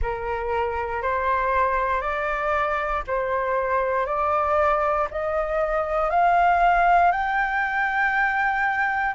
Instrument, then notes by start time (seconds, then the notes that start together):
flute
0.01 A#4
1.02 C5
2.01 D5
3.07 C5
4.06 D5
5.11 D#5
6.10 F5
7.11 G5